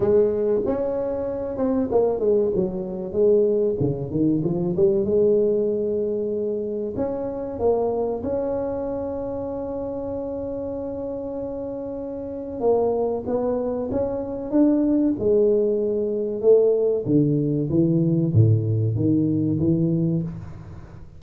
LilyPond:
\new Staff \with { instrumentName = "tuba" } { \time 4/4 \tempo 4 = 95 gis4 cis'4. c'8 ais8 gis8 | fis4 gis4 cis8 dis8 f8 g8 | gis2. cis'4 | ais4 cis'2.~ |
cis'1 | ais4 b4 cis'4 d'4 | gis2 a4 d4 | e4 a,4 dis4 e4 | }